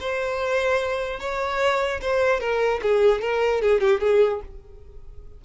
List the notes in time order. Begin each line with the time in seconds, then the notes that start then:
0.00 C5
1.20 C#5
2.01 C5
2.40 A#4
2.82 G#4
3.21 A#4
3.61 G#4
3.80 G4
4.00 G#4